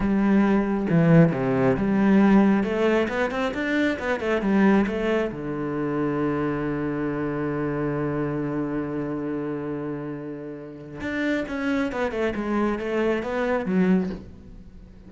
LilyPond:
\new Staff \with { instrumentName = "cello" } { \time 4/4 \tempo 4 = 136 g2 e4 c4 | g2 a4 b8 c'8 | d'4 b8 a8 g4 a4 | d1~ |
d1~ | d1~ | d4 d'4 cis'4 b8 a8 | gis4 a4 b4 fis4 | }